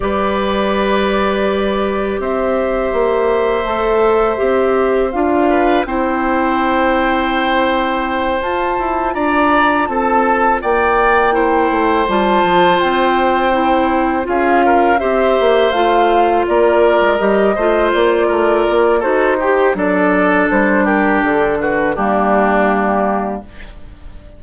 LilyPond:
<<
  \new Staff \with { instrumentName = "flute" } { \time 4/4 \tempo 4 = 82 d''2. e''4~ | e''2. f''4 | g''2.~ g''8 a''8~ | a''8 ais''4 a''4 g''4.~ |
g''8 a''4 g''2 f''8~ | f''8 e''4 f''4 d''4 dis''8~ | dis''8 d''4. c''4 d''4 | c''8 ais'8 a'8 b'8 g'2 | }
  \new Staff \with { instrumentName = "oboe" } { \time 4/4 b'2. c''4~ | c''2.~ c''8 b'8 | c''1~ | c''8 d''4 a'4 d''4 c''8~ |
c''2.~ c''8 gis'8 | ais'8 c''2 ais'4. | c''4 ais'4 a'8 g'8 a'4~ | a'8 g'4 fis'8 d'2 | }
  \new Staff \with { instrumentName = "clarinet" } { \time 4/4 g'1~ | g'4 a'4 g'4 f'4 | e'2.~ e'8 f'8~ | f'2.~ f'8 e'8~ |
e'8 f'2 e'4 f'8~ | f'8 g'4 f'2 g'8 | f'2 fis'8 g'8 d'4~ | d'2 ais2 | }
  \new Staff \with { instrumentName = "bassoon" } { \time 4/4 g2. c'4 | ais4 a4 c'4 d'4 | c'2.~ c'8 f'8 | e'8 d'4 c'4 ais4. |
a8 g8 f8 c'2 cis'8~ | cis'8 c'8 ais8 a4 ais8. gis16 g8 | a8 ais8 a8 ais8 dis'4 fis4 | g4 d4 g2 | }
>>